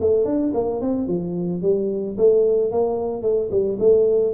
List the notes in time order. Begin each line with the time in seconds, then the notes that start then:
0.00 A3
0.25 D4
0.53 A#3
0.81 C4
1.07 F3
1.62 G3
2.17 A3
2.71 A#3
3.22 A3
3.51 G3
3.79 A3